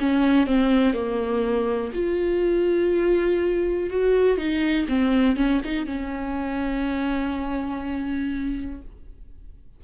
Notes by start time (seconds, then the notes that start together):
0.00 C#4
0.46 C4
0.93 A#3
1.94 F4
3.90 F#4
4.38 D#4
4.89 C4
5.37 C#4
5.65 D#4
5.86 C#4